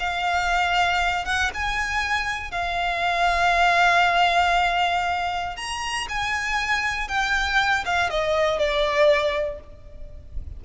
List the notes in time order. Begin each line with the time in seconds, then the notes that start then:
0.00 F5
1.26 F#5
1.54 G#5
2.51 F5
5.57 A#5
6.09 G#5
7.08 G5
7.86 F5
8.10 D#5
8.59 D5